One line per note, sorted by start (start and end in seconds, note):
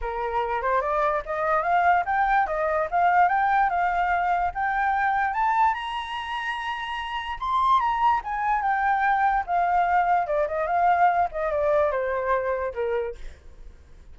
0.01 0.61 A#4
0.61 0.81 C5
0.81 1.22 D5
1.25 1.62 D#5
1.62 2.03 F5
2.05 2.46 G5
2.47 2.88 D#5
2.90 3.28 F5
3.28 3.69 G5
3.69 4.51 F5
4.54 5.33 G5
5.33 5.74 A5
5.74 7.38 A#5
7.39 7.80 C6
7.80 8.21 A#5
8.23 8.62 G#5
8.62 9.44 G5
9.46 10.26 F5
10.26 10.47 D5
10.47 10.66 D#5
10.66 11.28 F5
11.31 11.51 D#5
11.51 11.91 D5
11.91 12.73 C5
12.74 13.15 A#4